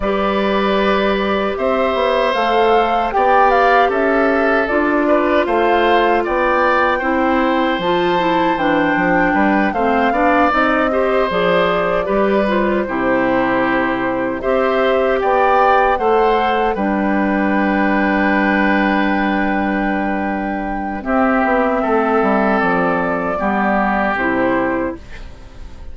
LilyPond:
<<
  \new Staff \with { instrumentName = "flute" } { \time 4/4 \tempo 4 = 77 d''2 e''4 f''4 | g''8 f''8 e''4 d''4 f''4 | g''2 a''4 g''4~ | g''8 f''4 dis''4 d''4. |
c''2~ c''8 e''4 g''8~ | g''8 fis''4 g''2~ g''8~ | g''2. e''4~ | e''4 d''2 c''4 | }
  \new Staff \with { instrumentName = "oboe" } { \time 4/4 b'2 c''2 | d''4 a'4. b'8 c''4 | d''4 c''2. | b'8 c''8 d''4 c''4. b'8~ |
b'8 g'2 c''4 d''8~ | d''8 c''4 b'2~ b'8~ | b'2. g'4 | a'2 g'2 | }
  \new Staff \with { instrumentName = "clarinet" } { \time 4/4 g'2. a'4 | g'2 f'2~ | f'4 e'4 f'8 e'8 d'4~ | d'8 c'8 d'8 dis'8 g'8 gis'4 g'8 |
f'8 e'2 g'4.~ | g'8 a'4 d'2~ d'8~ | d'2. c'4~ | c'2 b4 e'4 | }
  \new Staff \with { instrumentName = "bassoon" } { \time 4/4 g2 c'8 b8 a4 | b4 cis'4 d'4 a4 | b4 c'4 f4 e8 f8 | g8 a8 b8 c'4 f4 g8~ |
g8 c2 c'4 b8~ | b8 a4 g2~ g8~ | g2. c'8 b8 | a8 g8 f4 g4 c4 | }
>>